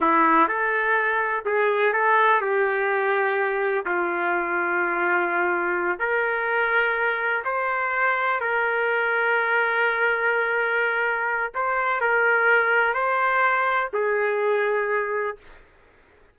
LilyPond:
\new Staff \with { instrumentName = "trumpet" } { \time 4/4 \tempo 4 = 125 e'4 a'2 gis'4 | a'4 g'2. | f'1~ | f'8 ais'2. c''8~ |
c''4. ais'2~ ais'8~ | ais'1 | c''4 ais'2 c''4~ | c''4 gis'2. | }